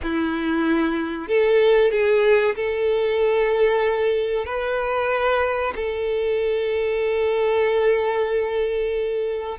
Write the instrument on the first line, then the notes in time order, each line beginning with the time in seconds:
violin
0.02 E4
1.28 A4
1.91 G#4
2.55 A4
4.45 B4
5.75 A4